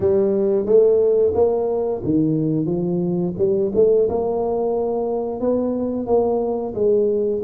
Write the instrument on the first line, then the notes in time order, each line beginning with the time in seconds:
tuba
0.00 G3
0.65 A3
1.34 A#3
2.04 D#3
2.66 F3
3.37 G3
3.74 A3
4.09 A#3
5.40 B3
6.06 A#3
6.74 G#3